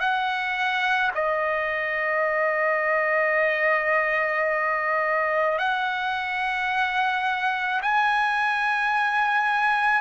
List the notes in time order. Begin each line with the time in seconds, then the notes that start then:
0.00 F#5
1.15 D#5
5.59 F#5
7.82 G#5